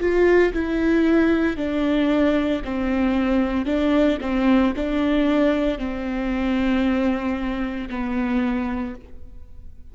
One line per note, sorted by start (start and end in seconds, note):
0.00 0.53 F4
0.53 1.56 E4
1.56 2.62 D4
2.64 3.66 C4
3.66 4.18 D4
4.21 4.74 C4
4.76 5.78 D4
5.78 7.89 C4
7.89 8.95 B3